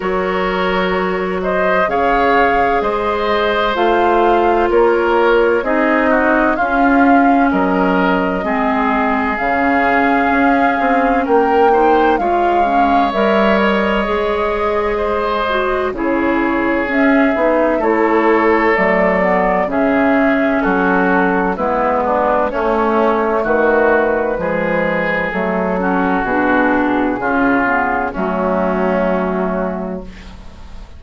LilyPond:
<<
  \new Staff \with { instrumentName = "flute" } { \time 4/4 \tempo 4 = 64 cis''4. dis''8 f''4 dis''4 | f''4 cis''4 dis''4 f''4 | dis''2 f''2 | g''4 f''4 e''8 dis''4.~ |
dis''4 cis''4 e''4 cis''4 | d''4 e''4 a'4 b'4 | cis''4 b'2 a'4 | gis'2 fis'2 | }
  \new Staff \with { instrumentName = "oboe" } { \time 4/4 ais'4. c''8 cis''4 c''4~ | c''4 ais'4 gis'8 fis'8 f'4 | ais'4 gis'2. | ais'8 c''8 cis''2. |
c''4 gis'2 a'4~ | a'4 gis'4 fis'4 e'8 d'8 | cis'4 fis'4 gis'4. fis'8~ | fis'4 f'4 cis'2 | }
  \new Staff \with { instrumentName = "clarinet" } { \time 4/4 fis'2 gis'2 | f'2 dis'4 cis'4~ | cis'4 c'4 cis'2~ | cis'8 dis'8 f'8 cis'8 ais'4 gis'4~ |
gis'8 fis'8 e'4 cis'8 dis'8 e'4 | a8 b8 cis'2 b4 | a2 gis4 a8 cis'8 | d'4 cis'8 b8 a2 | }
  \new Staff \with { instrumentName = "bassoon" } { \time 4/4 fis2 cis4 gis4 | a4 ais4 c'4 cis'4 | fis4 gis4 cis4 cis'8 c'8 | ais4 gis4 g4 gis4~ |
gis4 cis4 cis'8 b8 a4 | fis4 cis4 fis4 gis4 | a4 dis4 f4 fis4 | b,4 cis4 fis2 | }
>>